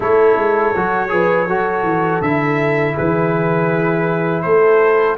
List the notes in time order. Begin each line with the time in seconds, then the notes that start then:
0.00 A3 E4 A4 C#5
0.35 G#3
0.75 F#3 F#4
1.08 F3 G#4 B4
1.47 F#3 F#4 A4
1.83 E3
2.21 D3 E4 E5
2.95 E3 G#4 B4
4.42 A3 A4 C5